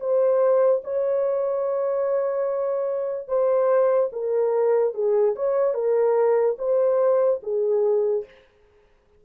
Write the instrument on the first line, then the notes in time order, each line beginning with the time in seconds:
horn
0.00 C5
0.84 C#5
3.28 C5
4.12 A#4
4.94 G#4
5.36 C#5
5.74 A#4
6.58 C5
7.43 G#4